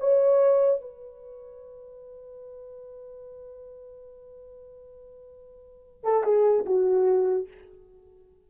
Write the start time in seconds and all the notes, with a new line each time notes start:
0.00 C#5
0.81 B4
6.04 A4
6.24 G#4
6.66 F#4